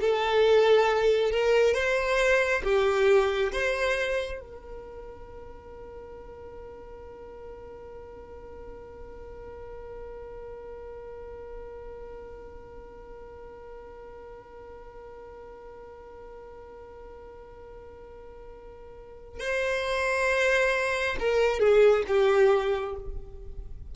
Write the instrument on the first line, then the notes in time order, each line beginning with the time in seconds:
violin
0.00 A4
1.31 A#4
1.74 C5
2.63 G4
3.52 C5
4.40 A#4
19.40 C5
21.19 A#4
21.59 G#4
22.07 G4